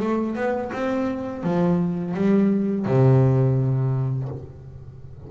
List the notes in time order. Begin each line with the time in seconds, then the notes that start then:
0.00 A3
0.36 B3
0.73 C4
1.44 F3
2.15 G3
2.86 C3